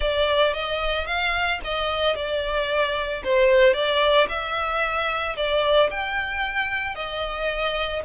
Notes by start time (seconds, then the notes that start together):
0.00 D5
0.53 D#5
1.06 F5
1.63 D#5
2.15 D5
3.23 C5
3.73 D5
4.29 E5
5.36 D5
5.90 G5
6.95 D#5